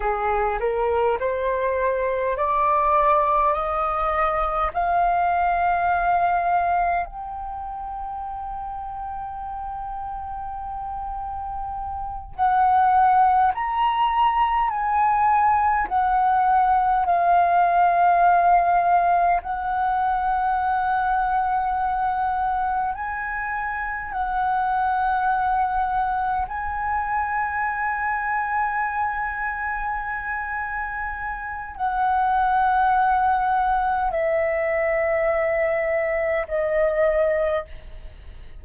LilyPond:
\new Staff \with { instrumentName = "flute" } { \time 4/4 \tempo 4 = 51 gis'8 ais'8 c''4 d''4 dis''4 | f''2 g''2~ | g''2~ g''8 fis''4 ais''8~ | ais''8 gis''4 fis''4 f''4.~ |
f''8 fis''2. gis''8~ | gis''8 fis''2 gis''4.~ | gis''2. fis''4~ | fis''4 e''2 dis''4 | }